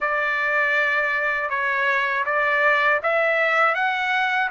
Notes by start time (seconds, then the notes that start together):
0.00 D5
1.49 C#5
2.25 D5
3.02 E5
3.75 F#5